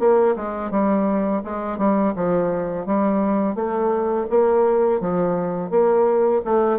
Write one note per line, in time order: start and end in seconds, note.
0.00 0.36 A#3
0.36 0.71 G#3
0.71 1.43 G3
1.45 1.79 G#3
1.79 2.14 G3
2.16 2.86 F3
2.86 3.56 G3
3.56 4.27 A3
4.31 5.01 A#3
5.01 5.71 F3
5.71 6.42 A#3
6.45 6.80 A3